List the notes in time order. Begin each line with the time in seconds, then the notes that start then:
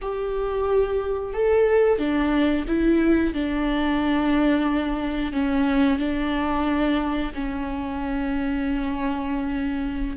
0.01 G4
1.33 A4
1.98 D4
2.67 E4
3.33 D4
5.32 C#4
5.98 D4
7.34 C#4